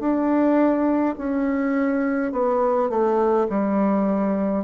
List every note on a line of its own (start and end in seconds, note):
0.00 1.15 D4
1.18 2.33 C#4
2.33 2.90 B3
2.90 3.48 A3
3.50 4.65 G3